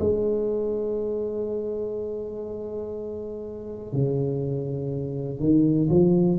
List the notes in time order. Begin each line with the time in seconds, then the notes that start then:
0.00 G#3
3.93 C#3
5.40 D#3
5.90 F3